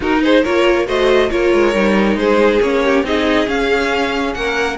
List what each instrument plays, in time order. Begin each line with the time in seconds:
0.00 cello D#4, viola D#4, violin F#4 A#4
0.23 violin G#4 C5
0.43 cello A#3, viola F4, violin A#4 C#5
0.86 cello A3, viola F#4, violin C5 D#5
1.30 cello A#3, viola F4, violin A#4 C#5
1.53 cello G#3
1.74 cello G3, viola D#4
2.15 cello G#3, violin G#4 C5
2.61 cello A#3, viola C#4, violin C#5
2.84 violin G4
3.03 cello C4, viola D#4, violin G#4 D#5
3.46 viola C#4, cello C#4, violin F5
4.34 cello A#3, violin A#4 F#5